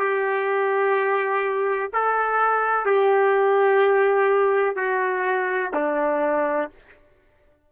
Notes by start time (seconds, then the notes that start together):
0.00 G4
1.93 A4
2.86 G4
4.76 F#4
5.74 D4